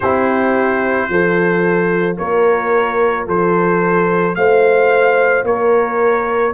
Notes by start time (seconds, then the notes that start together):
0.00 C4 E4 G4 C5
1.08 F3 F4 A4
2.17 A#3 A#4 C#5
3.26 F3 A4 C5
4.35 A3 C5 F5
5.43 A#3 A#4 C#5